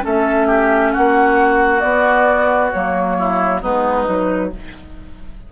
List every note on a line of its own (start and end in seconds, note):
0.00 0.95 A3
0.00 1.79 C#4
0.00 0.47 A4
0.00 0.92 E5
0.47 0.92 G4
0.92 1.82 A#3
0.92 3.17 F#4
0.92 1.80 F#5
1.80 2.70 B3
1.80 2.72 B3
1.80 2.70 D5
2.72 3.63 F#3
2.72 3.62 A#3
2.72 3.61 C#5
3.18 3.61 E4
3.61 4.07 G#3
3.61 4.05 B3
3.61 4.50 D#4
3.61 4.52 B4
4.05 4.52 F#3
4.05 4.49 D#4